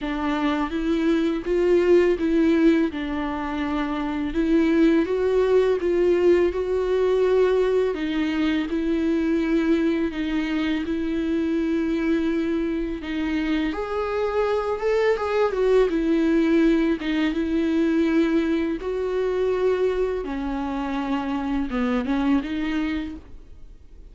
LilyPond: \new Staff \with { instrumentName = "viola" } { \time 4/4 \tempo 4 = 83 d'4 e'4 f'4 e'4 | d'2 e'4 fis'4 | f'4 fis'2 dis'4 | e'2 dis'4 e'4~ |
e'2 dis'4 gis'4~ | gis'8 a'8 gis'8 fis'8 e'4. dis'8 | e'2 fis'2 | cis'2 b8 cis'8 dis'4 | }